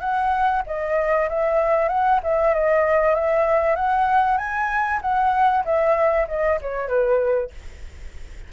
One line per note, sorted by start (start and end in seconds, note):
0.00 0.62 F#5
0.66 1.29 D#5
1.29 1.88 E5
1.88 2.20 F#5
2.23 2.54 E5
2.54 3.15 D#5
3.15 3.75 E5
3.75 4.37 F#5
4.37 5.00 G#5
5.01 5.64 F#5
5.65 6.27 E5
6.28 6.59 D#5
6.61 6.88 C#5
6.88 7.51 B4